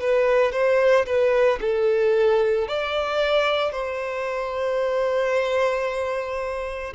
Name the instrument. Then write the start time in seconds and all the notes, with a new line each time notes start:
violin
0.00 B4
0.52 C5
1.06 B4
1.61 A4
2.68 D5
3.72 C5